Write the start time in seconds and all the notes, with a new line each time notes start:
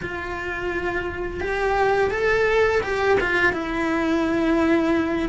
0.02 F4
1.40 G4
2.10 A4
2.82 G4
3.20 F4
3.53 E4